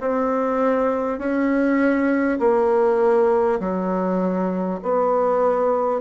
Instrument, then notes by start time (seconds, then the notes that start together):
bassoon
0.00 C4
1.19 C#4
2.39 A#3
3.59 F#3
4.83 B3